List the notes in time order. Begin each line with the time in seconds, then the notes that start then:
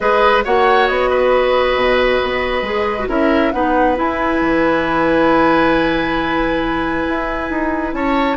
0.00 G#3 G#4 B4 D#5
0.44 A#3 F#4 C#5 F#5
0.87 B3 D#5
1.10 B4
1.75 B2
2.23 B3
2.62 G#3 G#4
2.98 F#4
3.08 C#4 E4 A#4 E5
3.51 B3 D#4 B4 F#5
3.95 E4 G#5
4.41 E3
7.08 E4
7.50 D#4
7.93 C#4 C#5 A5